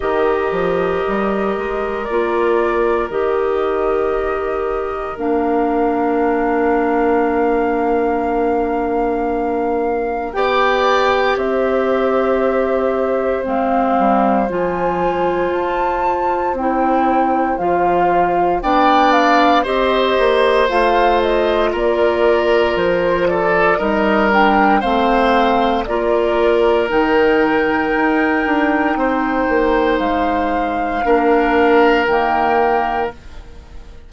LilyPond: <<
  \new Staff \with { instrumentName = "flute" } { \time 4/4 \tempo 4 = 58 dis''2 d''4 dis''4~ | dis''4 f''2.~ | f''2 g''4 e''4~ | e''4 f''4 gis''4 a''4 |
g''4 f''4 g''8 f''8 dis''4 | f''8 dis''8 d''4 c''8 d''8 dis''8 g''8 | f''4 d''4 g''2~ | g''4 f''2 g''4 | }
  \new Staff \with { instrumentName = "oboe" } { \time 4/4 ais'1~ | ais'1~ | ais'2 d''4 c''4~ | c''1~ |
c''2 d''4 c''4~ | c''4 ais'4. a'8 ais'4 | c''4 ais'2. | c''2 ais'2 | }
  \new Staff \with { instrumentName = "clarinet" } { \time 4/4 g'2 f'4 g'4~ | g'4 d'2.~ | d'2 g'2~ | g'4 c'4 f'2 |
e'4 f'4 d'4 g'4 | f'2. dis'8 d'8 | c'4 f'4 dis'2~ | dis'2 d'4 ais4 | }
  \new Staff \with { instrumentName = "bassoon" } { \time 4/4 dis8 f8 g8 gis8 ais4 dis4~ | dis4 ais2.~ | ais2 b4 c'4~ | c'4 gis8 g8 f4 f'4 |
c'4 f4 b4 c'8 ais8 | a4 ais4 f4 g4 | a4 ais4 dis4 dis'8 d'8 | c'8 ais8 gis4 ais4 dis4 | }
>>